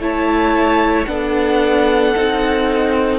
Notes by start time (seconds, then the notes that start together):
0.00 A3 E4 C#5 A5
1.05 B3 D4 A4 F#5
2.15 C4 D#4